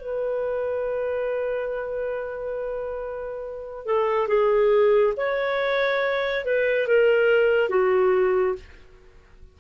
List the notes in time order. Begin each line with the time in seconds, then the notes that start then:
0.00 B4
3.86 A4
4.28 G#4
5.17 C#5
6.45 B4
6.87 A#4
7.70 F#4